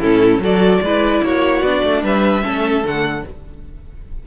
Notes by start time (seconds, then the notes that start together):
0.00 A2 C#4 E4 A4
0.39 F#3 F#4 A4 D5
0.81 G#3 E4 B4
1.23 A#3 F#4 C#5
1.61 B3 D4 D5
1.83 A3
2.03 G3 B4 E5
2.42 A3 C#4 A4
2.83 D3 A3 F#5